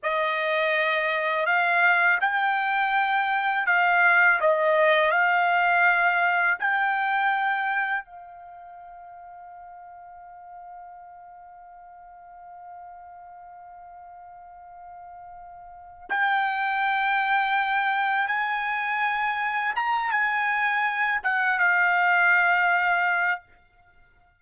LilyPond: \new Staff \with { instrumentName = "trumpet" } { \time 4/4 \tempo 4 = 82 dis''2 f''4 g''4~ | g''4 f''4 dis''4 f''4~ | f''4 g''2 f''4~ | f''1~ |
f''1~ | f''2 g''2~ | g''4 gis''2 ais''8 gis''8~ | gis''4 fis''8 f''2~ f''8 | }